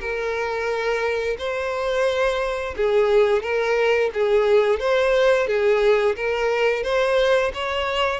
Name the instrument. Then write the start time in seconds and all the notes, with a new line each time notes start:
violin
0.00 A#4
1.38 C5
2.76 G#4
3.42 A#4
4.13 G#4
4.79 C5
5.47 G#4
6.16 A#4
6.83 C5
7.54 C#5